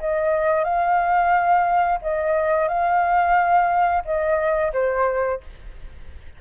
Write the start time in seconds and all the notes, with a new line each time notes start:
0.00 D#5
0.64 F5
2.02 D#5
2.68 F5
4.05 D#5
4.73 C5